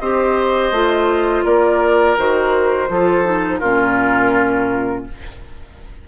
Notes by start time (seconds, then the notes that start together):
0.00 C4 G4 C5 D#5
0.72 A3 F4
1.45 A#3 A#4 D5
2.18 D#3 F#4 C5
2.89 F3 F4 A4
3.25 D#4
3.59 A#2 C#4 F4 A#4